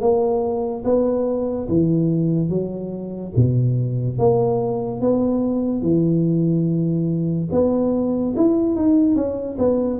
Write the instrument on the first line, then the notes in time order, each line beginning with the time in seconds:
tuba
0.00 A#3
0.84 B3
1.68 E3
2.49 F#3
3.36 B2
4.18 A#3
5.01 B3
5.82 E3
7.51 B3
8.36 E4
8.75 D#4
9.15 C#4
9.58 B3